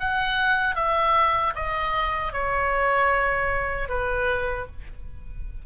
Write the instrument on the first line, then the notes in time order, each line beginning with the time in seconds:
oboe
0.00 F#5
0.76 E5
1.56 D#5
2.33 C#5
3.89 B4